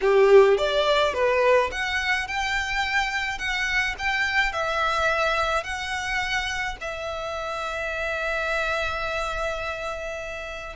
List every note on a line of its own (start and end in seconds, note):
0.01 0.57 G4
0.57 1.13 D5
1.13 1.70 B4
1.71 2.27 F#5
2.27 3.38 G5
3.38 3.95 F#5
3.98 4.52 G5
4.52 5.63 E5
5.63 6.76 F#5
6.81 10.76 E5